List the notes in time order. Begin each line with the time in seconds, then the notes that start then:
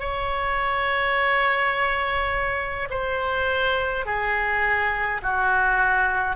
0.00 C#5
2.91 C5
4.06 G#4
5.23 F#4